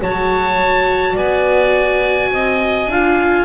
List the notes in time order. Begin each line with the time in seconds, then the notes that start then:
0.00 F#3 F#4 C#5 A5
1.14 B3 D5 G#5
2.31 C4 D#5
2.86 D4 F4 F5